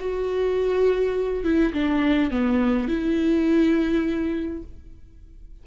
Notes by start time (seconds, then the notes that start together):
0.00 F#4
1.44 E4
1.74 D4
2.31 B3
2.89 E4